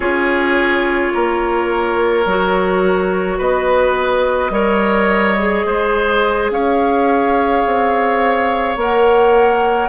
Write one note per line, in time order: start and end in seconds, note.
0.00 1.10 C#4
0.00 2.24 F4
0.00 1.13 G#4
0.00 3.39 C#5
1.13 2.25 A#3
1.13 3.37 A#4
2.25 3.38 F#3
2.25 4.51 F#4
3.37 4.50 B3
3.37 4.51 B4
3.37 6.51 D#5
4.50 5.63 G3
4.50 5.36 A#4
4.50 5.66 C#5
5.38 8.77 G#4
5.65 6.50 G#3
5.65 6.51 C5
6.50 7.63 C#4
6.50 9.88 C#5
6.50 8.78 F5
7.65 8.76 C4
8.76 9.88 A#3
8.76 9.88 A#4
8.76 9.88 F#5